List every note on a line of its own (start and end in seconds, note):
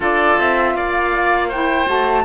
0.00 0.37 D4
0.00 1.50 F4
0.00 0.74 A4
0.00 0.39 D5
0.38 0.73 C4
0.38 0.76 E5
0.73 1.86 A#3
0.73 1.48 D5
0.73 1.51 F5
1.48 1.86 E4
1.48 2.23 C5
1.48 1.88 G5
1.86 2.25 A3
1.86 2.23 F#4
1.86 2.25 A5